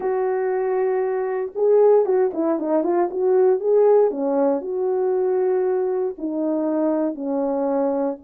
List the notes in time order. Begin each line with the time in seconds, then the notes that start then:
0.00 F#4
1.55 G#4
2.05 F#4
2.33 E4
2.59 D#4
2.83 F4
3.10 F#4
3.59 G#4
4.10 C#4
4.61 F#4
6.17 D#4
7.14 C#4